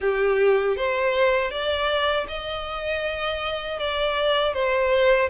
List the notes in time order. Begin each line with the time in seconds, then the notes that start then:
0.00 G4
0.76 C5
1.50 D5
2.28 D#5
3.79 D5
4.53 C5